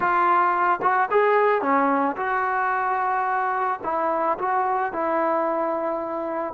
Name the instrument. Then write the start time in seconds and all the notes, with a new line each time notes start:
trombone
0.00 F4
0.82 F#4
1.11 G#4
1.61 C#4
2.16 F#4
3.83 E4
4.38 F#4
4.92 E4